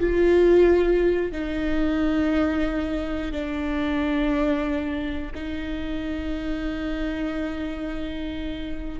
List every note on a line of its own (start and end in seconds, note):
0.00 1.32 F4
1.32 3.32 D#4
3.32 5.32 D4
5.34 8.99 D#4